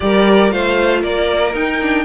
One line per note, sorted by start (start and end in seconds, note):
0.00 0.51 G3
0.00 0.49 G4
0.00 0.52 A#4
0.00 0.51 D5
0.49 1.03 A3
0.49 1.52 F4
0.49 1.00 C5
0.49 1.03 F5
1.00 1.54 A#3
1.00 2.03 A#4
1.00 1.54 D5
1.53 1.79 D#4
1.53 2.05 D#4
1.53 2.05 G5
1.82 2.05 D4